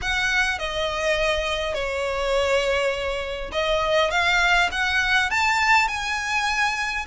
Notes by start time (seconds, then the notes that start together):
0.01 F#5
0.58 D#5
1.74 C#5
3.52 D#5
4.10 F5
4.71 F#5
5.30 A5
5.87 G#5